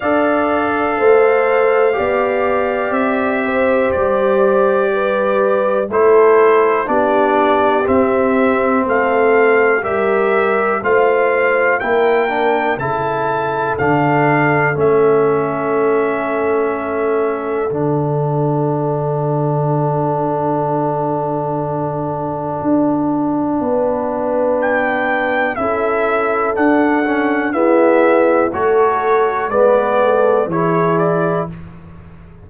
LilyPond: <<
  \new Staff \with { instrumentName = "trumpet" } { \time 4/4 \tempo 4 = 61 f''2. e''4 | d''2 c''4 d''4 | e''4 f''4 e''4 f''4 | g''4 a''4 f''4 e''4~ |
e''2 fis''2~ | fis''1~ | fis''4 g''4 e''4 fis''4 | e''4 cis''4 d''4 cis''8 d''8 | }
  \new Staff \with { instrumentName = "horn" } { \time 4/4 d''4 c''4 d''4. c''8~ | c''4 b'4 a'4 g'4~ | g'4 a'4 ais'4 c''4 | ais'4 a'2.~ |
a'1~ | a'1 | b'2 a'2 | gis'4 a'4 b'8 a'8 gis'4 | }
  \new Staff \with { instrumentName = "trombone" } { \time 4/4 a'2 g'2~ | g'2 e'4 d'4 | c'2 g'4 f'4 | e'8 d'8 e'4 d'4 cis'4~ |
cis'2 d'2~ | d'1~ | d'2 e'4 d'8 cis'8 | b4 fis'4 b4 e'4 | }
  \new Staff \with { instrumentName = "tuba" } { \time 4/4 d'4 a4 b4 c'4 | g2 a4 b4 | c'4 a4 g4 a4 | ais4 cis4 d4 a4~ |
a2 d2~ | d2. d'4 | b2 cis'4 d'4 | e'4 a4 gis4 e4 | }
>>